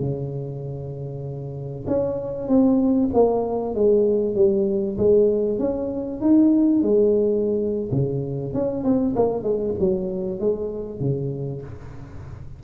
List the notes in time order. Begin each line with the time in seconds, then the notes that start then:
0.00 C#3
1.87 C#4
2.48 C4
3.13 A#3
3.75 G#3
4.35 G3
4.98 G#3
5.59 C#4
6.21 D#4
6.82 G#3
7.91 C#3
8.54 C#4
8.84 C4
9.16 A#3
9.43 G#3
9.80 F#3
10.40 G#3
11.00 C#3